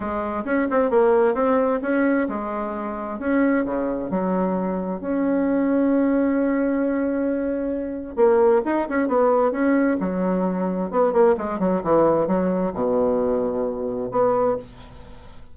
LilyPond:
\new Staff \with { instrumentName = "bassoon" } { \time 4/4 \tempo 4 = 132 gis4 cis'8 c'8 ais4 c'4 | cis'4 gis2 cis'4 | cis4 fis2 cis'4~ | cis'1~ |
cis'2 ais4 dis'8 cis'8 | b4 cis'4 fis2 | b8 ais8 gis8 fis8 e4 fis4 | b,2. b4 | }